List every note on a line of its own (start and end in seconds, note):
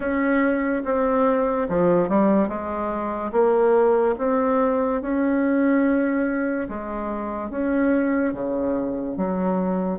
0.00 0.83 C#4
0.84 1.68 C4
1.69 2.08 F3
2.08 2.48 G3
2.48 3.31 G#3
3.31 4.15 A#3
4.18 5.01 C4
5.01 6.68 C#4
6.69 7.50 G#3
7.50 8.33 C#4
8.33 9.16 C#3
9.16 9.99 F#3